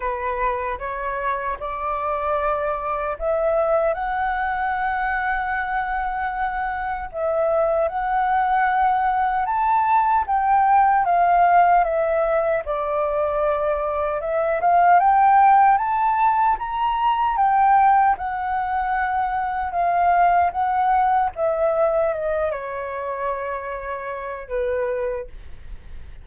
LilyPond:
\new Staff \with { instrumentName = "flute" } { \time 4/4 \tempo 4 = 76 b'4 cis''4 d''2 | e''4 fis''2.~ | fis''4 e''4 fis''2 | a''4 g''4 f''4 e''4 |
d''2 e''8 f''8 g''4 | a''4 ais''4 g''4 fis''4~ | fis''4 f''4 fis''4 e''4 | dis''8 cis''2~ cis''8 b'4 | }